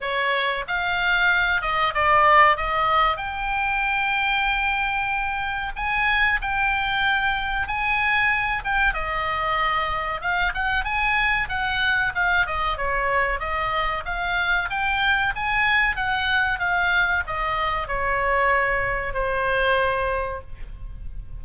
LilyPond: \new Staff \with { instrumentName = "oboe" } { \time 4/4 \tempo 4 = 94 cis''4 f''4. dis''8 d''4 | dis''4 g''2.~ | g''4 gis''4 g''2 | gis''4. g''8 dis''2 |
f''8 fis''8 gis''4 fis''4 f''8 dis''8 | cis''4 dis''4 f''4 g''4 | gis''4 fis''4 f''4 dis''4 | cis''2 c''2 | }